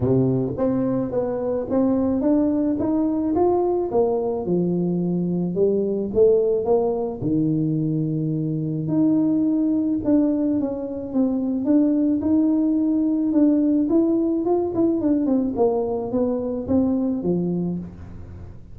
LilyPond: \new Staff \with { instrumentName = "tuba" } { \time 4/4 \tempo 4 = 108 c4 c'4 b4 c'4 | d'4 dis'4 f'4 ais4 | f2 g4 a4 | ais4 dis2. |
dis'2 d'4 cis'4 | c'4 d'4 dis'2 | d'4 e'4 f'8 e'8 d'8 c'8 | ais4 b4 c'4 f4 | }